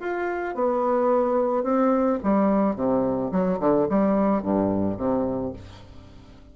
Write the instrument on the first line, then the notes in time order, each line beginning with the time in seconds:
bassoon
0.00 F4
0.55 B3
1.63 C4
2.23 G3
2.76 C3
3.32 F#3
3.60 D3
3.89 G3
4.42 G2
4.97 C3